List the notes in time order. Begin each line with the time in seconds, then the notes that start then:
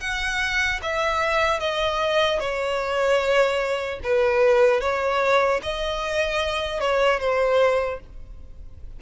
0.00 F#5
0.82 E5
1.59 D#5
2.39 C#5
4.03 B4
4.80 C#5
5.63 D#5
6.80 C#5
7.19 C5